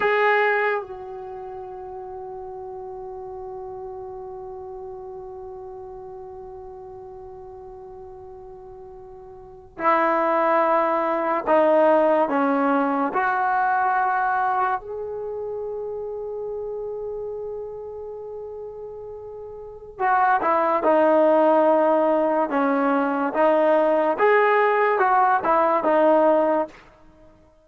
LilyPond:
\new Staff \with { instrumentName = "trombone" } { \time 4/4 \tempo 4 = 72 gis'4 fis'2.~ | fis'1~ | fis'2.~ fis'8. e'16~ | e'4.~ e'16 dis'4 cis'4 fis'16~ |
fis'4.~ fis'16 gis'2~ gis'16~ | gis'1 | fis'8 e'8 dis'2 cis'4 | dis'4 gis'4 fis'8 e'8 dis'4 | }